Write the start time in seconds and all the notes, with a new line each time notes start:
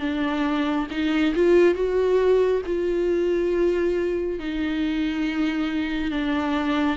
0.00 D4
0.91 D#4
1.35 F4
1.75 F#4
2.66 F4
4.40 D#4
6.11 D4